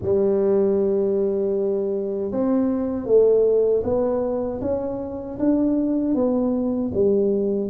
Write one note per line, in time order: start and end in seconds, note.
0.02 2.31 G3
2.31 3.05 C4
3.05 3.82 A3
3.83 4.60 B3
4.61 5.38 C#4
5.39 6.14 D4
6.14 6.91 B3
6.93 7.70 G3